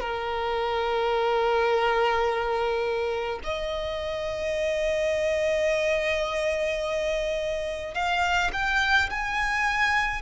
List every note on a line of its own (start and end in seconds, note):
0.00 3.40 A#4
3.44 7.95 D#5
7.95 8.51 F5
8.53 9.10 G5
9.10 10.22 G#5